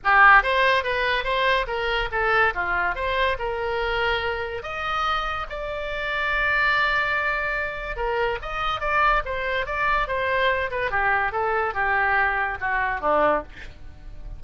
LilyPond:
\new Staff \with { instrumentName = "oboe" } { \time 4/4 \tempo 4 = 143 g'4 c''4 b'4 c''4 | ais'4 a'4 f'4 c''4 | ais'2. dis''4~ | dis''4 d''2.~ |
d''2. ais'4 | dis''4 d''4 c''4 d''4 | c''4. b'8 g'4 a'4 | g'2 fis'4 d'4 | }